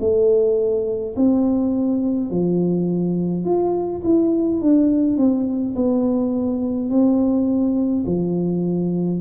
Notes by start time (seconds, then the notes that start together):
0.00 A3
1.16 C4
2.30 F3
3.45 F4
4.04 E4
4.61 D4
5.17 C4
5.75 B3
6.90 C4
8.07 F3